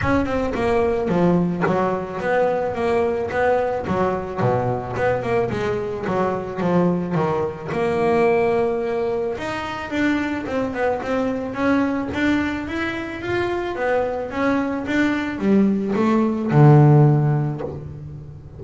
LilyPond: \new Staff \with { instrumentName = "double bass" } { \time 4/4 \tempo 4 = 109 cis'8 c'8 ais4 f4 fis4 | b4 ais4 b4 fis4 | b,4 b8 ais8 gis4 fis4 | f4 dis4 ais2~ |
ais4 dis'4 d'4 c'8 b8 | c'4 cis'4 d'4 e'4 | f'4 b4 cis'4 d'4 | g4 a4 d2 | }